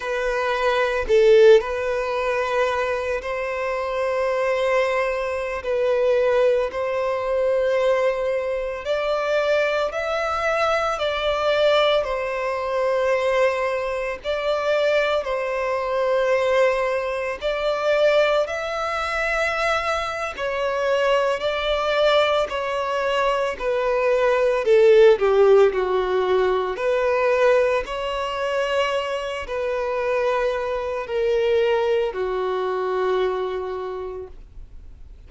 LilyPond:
\new Staff \with { instrumentName = "violin" } { \time 4/4 \tempo 4 = 56 b'4 a'8 b'4. c''4~ | c''4~ c''16 b'4 c''4.~ c''16~ | c''16 d''4 e''4 d''4 c''8.~ | c''4~ c''16 d''4 c''4.~ c''16~ |
c''16 d''4 e''4.~ e''16 cis''4 | d''4 cis''4 b'4 a'8 g'8 | fis'4 b'4 cis''4. b'8~ | b'4 ais'4 fis'2 | }